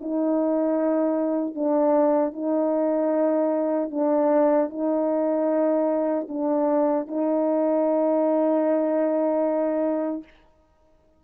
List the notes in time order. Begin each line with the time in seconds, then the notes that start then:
0.00 D#4
1.54 D4
2.33 D#4
3.90 D4
4.69 D#4
6.28 D4
7.07 D#4